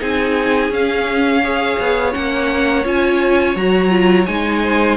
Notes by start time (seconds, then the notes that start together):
0.00 C4 D#4 G#4 G#5
0.70 C#4 F5
1.43 G#4 C#5
1.80 B3
2.12 A#3 C#4 F#5
2.85 C#4 F4 G#5
3.56 F#3 F#4 A#5
3.90 F4
4.26 G#3 D#4 G#5
4.63 C5